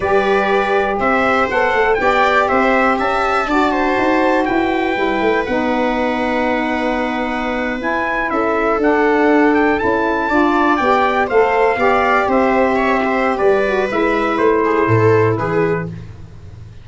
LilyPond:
<<
  \new Staff \with { instrumentName = "trumpet" } { \time 4/4 \tempo 4 = 121 d''2 e''4 fis''4 | g''4 e''4 a''2~ | a''4 g''2 fis''4~ | fis''2.~ fis''8. gis''16~ |
gis''8. e''4 fis''4. g''8 a''16~ | a''4.~ a''16 g''4 f''4~ f''16~ | f''8. e''2~ e''16 d''4 | e''4 c''2 b'4 | }
  \new Staff \with { instrumentName = "viola" } { \time 4/4 b'2 c''2 | d''4 c''4 e''4 d''8 c''8~ | c''4 b'2.~ | b'1~ |
b'8. a'2.~ a'16~ | a'8. d''2 c''4 d''16~ | d''8. c''4 cis''8 c''8. b'4~ | b'4. gis'8 a'4 gis'4 | }
  \new Staff \with { instrumentName = "saxophone" } { \time 4/4 g'2. a'4 | g'2. fis'4~ | fis'2 e'4 dis'4~ | dis'2.~ dis'8. e'16~ |
e'4.~ e'16 d'2 e'16~ | e'8. f'4 g'4 a'4 g'16~ | g'2.~ g'8 fis'8 | e'1 | }
  \new Staff \with { instrumentName = "tuba" } { \time 4/4 g2 c'4 b8 a8 | b4 c'4 cis'4 d'4 | dis'4 e'4 g8 a8 b4~ | b2.~ b8. e'16~ |
e'8. cis'4 d'2 cis'16~ | cis'8. d'4 b4 a4 b16~ | b8. c'2~ c'16 g4 | gis4 a4 a,4 e4 | }
>>